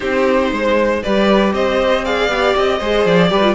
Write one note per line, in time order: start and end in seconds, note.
0.00 0.51 C4
0.00 1.01 D#4
0.00 0.51 G4
0.00 1.01 C5
0.51 1.02 G#3
0.51 1.02 C5
1.02 1.53 G3
1.02 2.05 G4
1.02 1.53 B4
1.02 1.53 D5
1.53 2.28 C4
1.53 2.04 C5
1.53 2.04 D#5
2.04 2.29 G#4
2.04 2.78 D5
2.04 2.55 F5
2.28 2.53 B3
2.28 2.80 G4
2.56 2.80 C4
2.56 3.06 D#5
2.78 3.05 G#3
2.78 3.29 G#4
2.78 3.29 C5
3.05 3.30 F3
3.05 3.55 D5
3.29 3.55 G3
3.29 3.42 G4
3.29 3.55 B4
3.42 3.55 F4